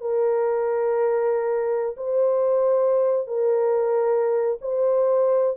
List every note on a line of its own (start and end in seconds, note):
0.00 1.96 A#4
1.97 3.27 C5
3.27 4.57 A#4
4.61 5.56 C5